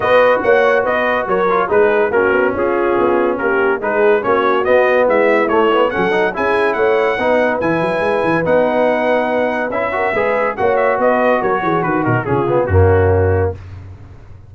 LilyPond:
<<
  \new Staff \with { instrumentName = "trumpet" } { \time 4/4 \tempo 4 = 142 dis''4 fis''4 dis''4 cis''4 | b'4 ais'4 gis'2 | ais'4 b'4 cis''4 dis''4 | e''4 cis''4 fis''4 gis''4 |
fis''2 gis''2 | fis''2. e''4~ | e''4 fis''8 e''8 dis''4 cis''4 | b'8 ais'8 gis'4 fis'2 | }
  \new Staff \with { instrumentName = "horn" } { \time 4/4 b'4 cis''4 b'4 ais'4 | gis'4 fis'4 f'2 | g'4 gis'4 fis'2 | e'2 a'4 gis'4 |
cis''4 b'2.~ | b'2.~ b'8 ais'8 | b'4 cis''4 b'4 ais'8 gis'8 | fis'8 dis'8 f'4 cis'2 | }
  \new Staff \with { instrumentName = "trombone" } { \time 4/4 fis'2.~ fis'8 f'8 | dis'4 cis'2.~ | cis'4 dis'4 cis'4 b4~ | b4 a8 b8 cis'8 dis'8 e'4~ |
e'4 dis'4 e'2 | dis'2. e'8 fis'8 | gis'4 fis'2.~ | fis'4 cis'8 b8 ais2 | }
  \new Staff \with { instrumentName = "tuba" } { \time 4/4 b4 ais4 b4 fis4 | gis4 ais8 b8 cis'4 b4 | ais4 gis4 ais4 b4 | gis4 a4 fis4 cis'4 |
a4 b4 e8 fis8 gis8 e8 | b2. cis'4 | gis4 ais4 b4 fis8 e8 | dis8 b,8 cis4 fis,2 | }
>>